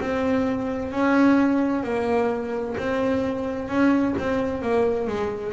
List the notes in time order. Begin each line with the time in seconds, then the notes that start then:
0.00 C4
0.91 C#4
1.83 A#3
2.78 C4
3.69 C#4
4.18 C4
4.62 A#3
5.08 G#3